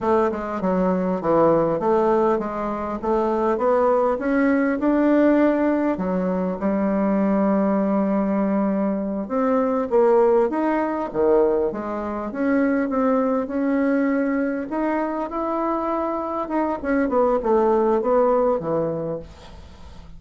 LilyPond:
\new Staff \with { instrumentName = "bassoon" } { \time 4/4 \tempo 4 = 100 a8 gis8 fis4 e4 a4 | gis4 a4 b4 cis'4 | d'2 fis4 g4~ | g2.~ g8 c'8~ |
c'8 ais4 dis'4 dis4 gis8~ | gis8 cis'4 c'4 cis'4.~ | cis'8 dis'4 e'2 dis'8 | cis'8 b8 a4 b4 e4 | }